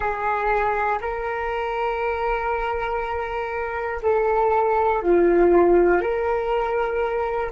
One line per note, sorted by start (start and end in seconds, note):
0.00 0.98 G#4
1.00 4.00 A#4
4.02 5.02 A4
5.02 6.01 F4
6.01 7.51 A#4